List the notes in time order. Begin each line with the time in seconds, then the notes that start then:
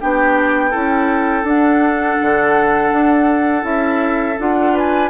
0.00 B3 D4 G4 G5
0.70 C#4 E4 A4
1.43 D4 F#5
2.21 D3
2.92 D4
3.62 C#4 E4 E5
4.39 D4 F4 F#5
4.73 B4 G#5